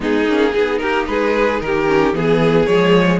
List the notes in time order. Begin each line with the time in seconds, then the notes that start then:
0.00 G#3 B3 D#4 G#4
0.26 A#3 C#4
0.51 B3 D#4 G#4
0.77 A#3 G4 A#4
1.07 G#3 G#4 B4
1.60 D#3 G4 A#4
1.87 C#4
2.13 E3 B3 G#4
2.66 F3 G#3 C#5